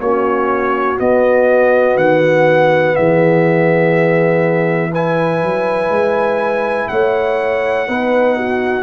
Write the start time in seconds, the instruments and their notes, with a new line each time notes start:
0.00 tuba A#3, trombone C#4, horn F#4, trumpet C#5
0.97 trombone B3, tuba B3, trumpet D#5
1.96 tuba D#3, trumpet F#5
2.96 tuba E3, horn G#4, trumpet E5
4.91 trombone E4, horn B4, trumpet G#5
5.43 tuba F#3
5.90 tuba G#3
6.88 tuba A3, horn C#5, trumpet F#5
7.86 tuba B3, trombone D#4, horn B4
8.37 horn F#4